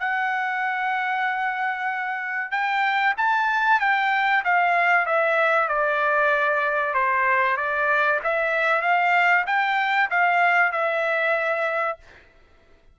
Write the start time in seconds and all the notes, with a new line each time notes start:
0.00 F#5
2.51 G5
3.18 A5
3.81 G5
4.45 F5
5.06 E5
5.69 D5
6.94 C5
7.57 D5
8.24 E5
8.82 F5
9.47 G5
10.11 F5
10.73 E5